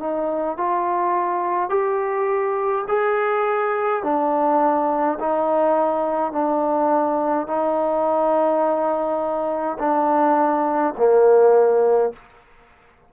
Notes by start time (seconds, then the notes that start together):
0.00 D#4
0.58 F4
1.70 G4
2.88 G#4
4.03 D4
5.20 D#4
6.33 D4
7.47 D#4
9.79 D4
10.98 A#3